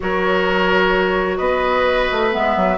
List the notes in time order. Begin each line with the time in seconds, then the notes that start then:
0.00 F#3 F#4 A#4 C#5
1.37 B3 B4 D#5
2.11 A3
2.31 G#3 B3 E5
2.56 F#3